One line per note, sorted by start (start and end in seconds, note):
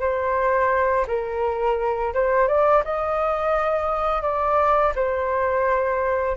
0.00 1.06 C5
1.07 2.13 A#4
2.14 2.48 C5
2.48 2.83 D5
2.85 4.22 D#5
4.22 4.93 D5
4.95 6.37 C5